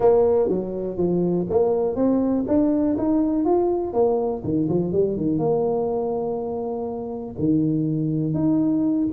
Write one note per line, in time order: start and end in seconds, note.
0.00 0.48 A#3
0.48 0.97 F#3
0.97 1.46 F3
1.49 1.95 A#3
1.95 2.44 C4
2.47 2.96 D4
2.98 3.45 D#4
3.45 3.93 F4
3.93 4.42 A#3
4.44 4.68 D#3
4.68 4.92 F3
4.92 5.16 G3
5.16 5.38 D#3
5.38 7.35 A#3
7.38 8.33 D#3
8.33 9.07 D#4